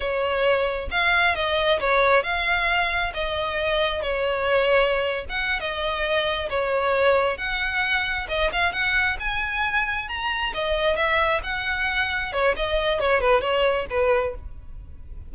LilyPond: \new Staff \with { instrumentName = "violin" } { \time 4/4 \tempo 4 = 134 cis''2 f''4 dis''4 | cis''4 f''2 dis''4~ | dis''4 cis''2~ cis''8. fis''16~ | fis''8 dis''2 cis''4.~ |
cis''8 fis''2 dis''8 f''8 fis''8~ | fis''8 gis''2 ais''4 dis''8~ | dis''8 e''4 fis''2 cis''8 | dis''4 cis''8 b'8 cis''4 b'4 | }